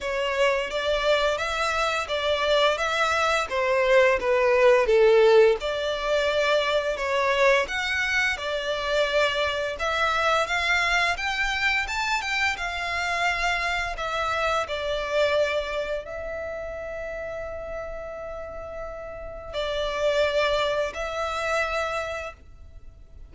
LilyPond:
\new Staff \with { instrumentName = "violin" } { \time 4/4 \tempo 4 = 86 cis''4 d''4 e''4 d''4 | e''4 c''4 b'4 a'4 | d''2 cis''4 fis''4 | d''2 e''4 f''4 |
g''4 a''8 g''8 f''2 | e''4 d''2 e''4~ | e''1 | d''2 e''2 | }